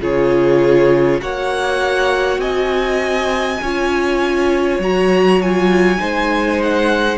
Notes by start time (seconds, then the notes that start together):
0.00 C#3 F4 G#4 C#5
1.21 A#3 F#4 C#5 F#5
2.38 C4 D#5 G#5
3.61 C#4 F4 C#5
4.79 F#3 F#4 A#5
5.41 F4 G#5
5.97 G#3 D#4 C5
6.62 F#5